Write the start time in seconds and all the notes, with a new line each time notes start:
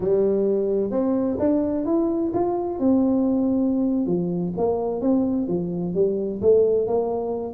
0.00 G3
0.90 C4
1.39 D4
1.85 E4
2.33 F4
2.79 C4
4.06 F3
4.57 A#3
5.01 C4
5.47 F3
5.94 G3
6.41 A3
6.87 A#3